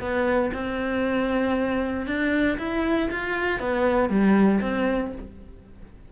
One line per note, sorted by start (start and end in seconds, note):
0.00 0.51 B3
0.53 2.06 C4
2.06 2.58 D4
2.58 3.09 E4
3.10 3.60 F4
3.60 4.09 B3
4.09 4.60 G3
4.61 5.12 C4